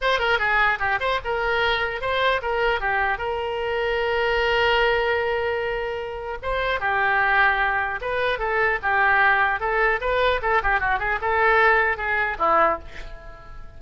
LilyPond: \new Staff \with { instrumentName = "oboe" } { \time 4/4 \tempo 4 = 150 c''8 ais'8 gis'4 g'8 c''8 ais'4~ | ais'4 c''4 ais'4 g'4 | ais'1~ | ais'1 |
c''4 g'2. | b'4 a'4 g'2 | a'4 b'4 a'8 g'8 fis'8 gis'8 | a'2 gis'4 e'4 | }